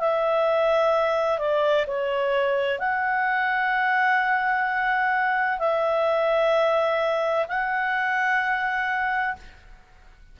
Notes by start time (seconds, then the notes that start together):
0.00 E5
1.39 D5
1.87 C#5
2.80 F#5
5.60 E5
7.49 F#5